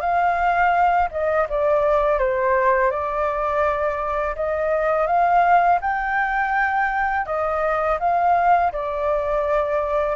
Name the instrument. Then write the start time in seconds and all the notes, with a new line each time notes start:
flute
0.00 F5
1.11 D#5
1.49 D5
2.18 C5
2.90 D5
4.35 D#5
5.06 F5
5.81 G5
7.26 D#5
7.99 F5
8.72 D5